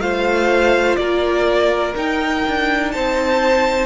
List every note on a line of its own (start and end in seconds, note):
0.00 0.97 A3
0.00 1.95 F4
0.00 1.00 C5
0.00 0.96 F5
0.96 1.95 A#3
0.96 2.94 A#4
0.96 1.93 D5
1.96 2.45 D#4
1.96 3.86 D#4
1.96 2.92 G5
2.48 2.96 D4
2.92 3.86 C4
2.92 3.86 C5
2.92 3.86 A5